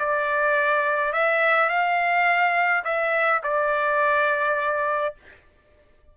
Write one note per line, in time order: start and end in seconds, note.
0.00 1.14 D5
1.14 1.70 E5
1.70 2.84 F5
2.85 3.42 E5
3.44 5.15 D5